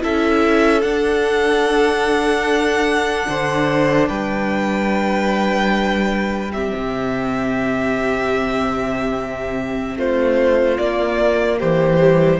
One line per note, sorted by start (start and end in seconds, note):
0.00 0.83 C#4
0.00 0.81 E4
0.00 3.27 A4
0.00 0.81 E5
0.81 3.26 D4
0.81 6.51 D4
0.81 4.06 F#5
3.28 4.09 D3
3.28 4.09 C5
4.08 6.72 G3
4.08 6.52 B4
4.08 6.51 G5
6.53 10.78 C4
6.53 9.97 G4
6.53 9.97 E5
6.74 9.96 C3
9.96 10.77 A3
9.96 11.58 F4
9.96 10.78 C5
10.78 11.99 A#3
10.78 11.61 A#3
10.78 11.59 D5
11.58 12.40 E3
11.58 12.39 G4
11.58 12.40 C5
11.99 12.40 G3